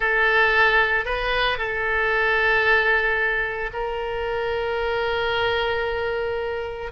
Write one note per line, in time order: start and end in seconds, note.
0.00 1.05 A4
1.05 1.58 B4
1.58 3.70 A4
3.73 6.91 A#4